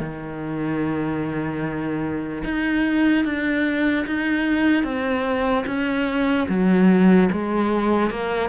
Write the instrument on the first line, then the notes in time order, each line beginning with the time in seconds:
cello
0.00 D#3
2.44 D#4
3.24 D4
4.06 D#4
4.84 C4
5.66 C#4
6.49 F#3
7.32 G#3
8.10 A#3